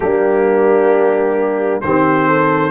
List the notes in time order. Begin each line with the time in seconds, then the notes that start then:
0.00 G3 A#3 D4 G4
1.81 D#3 C4 G4 C5
2.27 A4